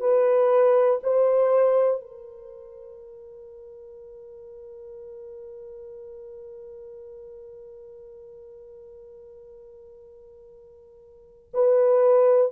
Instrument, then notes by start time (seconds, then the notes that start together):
horn
0.00 B4
1.03 C5
2.00 A#4
11.53 B4